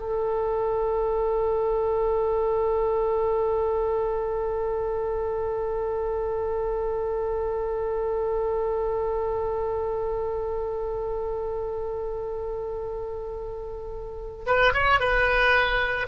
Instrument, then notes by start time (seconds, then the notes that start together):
oboe
0.00 A4
14.47 B4
14.74 C#5
15.00 B4